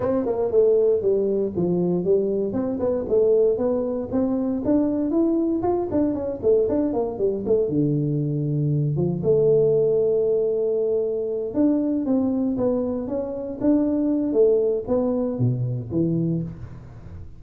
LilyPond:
\new Staff \with { instrumentName = "tuba" } { \time 4/4 \tempo 4 = 117 c'8 ais8 a4 g4 f4 | g4 c'8 b8 a4 b4 | c'4 d'4 e'4 f'8 d'8 | cis'8 a8 d'8 ais8 g8 a8 d4~ |
d4. f8 a2~ | a2~ a8 d'4 c'8~ | c'8 b4 cis'4 d'4. | a4 b4 b,4 e4 | }